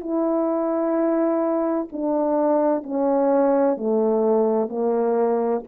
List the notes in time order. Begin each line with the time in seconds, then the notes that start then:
0.00 E4
1.93 D4
2.83 C#4
3.77 A3
4.69 A#3